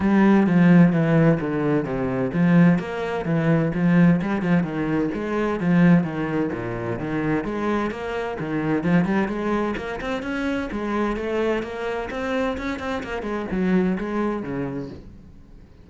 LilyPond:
\new Staff \with { instrumentName = "cello" } { \time 4/4 \tempo 4 = 129 g4 f4 e4 d4 | c4 f4 ais4 e4 | f4 g8 f8 dis4 gis4 | f4 dis4 ais,4 dis4 |
gis4 ais4 dis4 f8 g8 | gis4 ais8 c'8 cis'4 gis4 | a4 ais4 c'4 cis'8 c'8 | ais8 gis8 fis4 gis4 cis4 | }